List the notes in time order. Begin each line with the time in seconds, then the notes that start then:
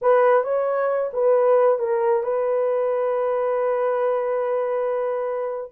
0.01 B4
0.43 C#5
1.13 B4
1.78 A#4
2.23 B4